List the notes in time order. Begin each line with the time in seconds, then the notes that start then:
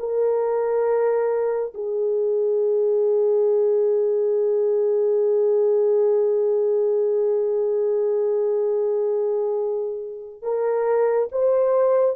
0.00 A#4
1.75 G#4
10.43 A#4
11.32 C5